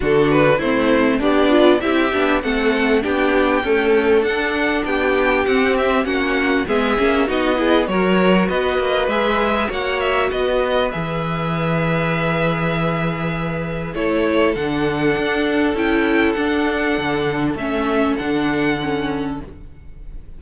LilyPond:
<<
  \new Staff \with { instrumentName = "violin" } { \time 4/4 \tempo 4 = 99 a'8 b'8 c''4 d''4 e''4 | fis''4 g''2 fis''4 | g''4 fis''8 e''8 fis''4 e''4 | dis''4 cis''4 dis''4 e''4 |
fis''8 e''8 dis''4 e''2~ | e''2. cis''4 | fis''2 g''4 fis''4~ | fis''4 e''4 fis''2 | }
  \new Staff \with { instrumentName = "violin" } { \time 4/4 fis'4 e'4 d'4 g'4 | a'4 g'4 a'2 | g'2 fis'4 gis'4 | fis'8 gis'8 ais'4 b'2 |
cis''4 b'2.~ | b'2. a'4~ | a'1~ | a'1 | }
  \new Staff \with { instrumentName = "viola" } { \time 4/4 d'4 c'4 g'8 f'8 e'8 d'8 | c'4 d'4 a4 d'4~ | d'4 c'4 cis'4 b8 cis'8 | dis'8 e'8 fis'2 gis'4 |
fis'2 gis'2~ | gis'2. e'4 | d'2 e'4 d'4~ | d'4 cis'4 d'4 cis'4 | }
  \new Staff \with { instrumentName = "cello" } { \time 4/4 d4 a4 b4 c'8 b8 | a4 b4 cis'4 d'4 | b4 c'4 ais4 gis8 ais8 | b4 fis4 b8 ais8 gis4 |
ais4 b4 e2~ | e2. a4 | d4 d'4 cis'4 d'4 | d4 a4 d2 | }
>>